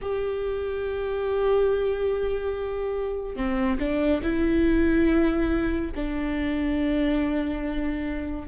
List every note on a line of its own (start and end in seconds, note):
0.01 3.36 G4
3.36 3.78 C4
3.79 4.21 D4
4.23 5.92 E4
5.95 8.47 D4